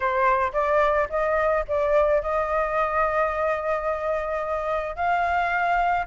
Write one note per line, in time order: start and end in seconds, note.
0.00 0.52 C5
0.53 1.08 D5
1.09 1.64 D#5
1.68 2.22 D5
2.22 4.96 D#5
4.96 6.06 F5